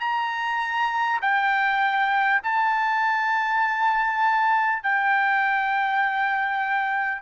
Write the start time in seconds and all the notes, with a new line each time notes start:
0.00 A#5
1.21 G5
2.43 A5
4.82 G5